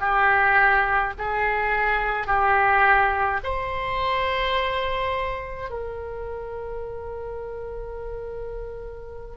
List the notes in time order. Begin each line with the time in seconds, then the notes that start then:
0.00 G4
1.18 G#4
2.27 G4
3.44 C5
5.70 A#4